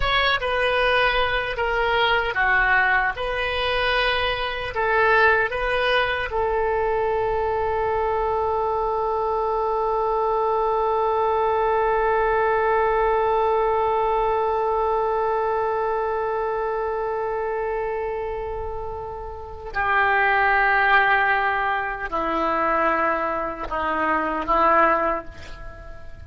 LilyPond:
\new Staff \with { instrumentName = "oboe" } { \time 4/4 \tempo 4 = 76 cis''8 b'4. ais'4 fis'4 | b'2 a'4 b'4 | a'1~ | a'1~ |
a'1~ | a'1~ | a'4 g'2. | e'2 dis'4 e'4 | }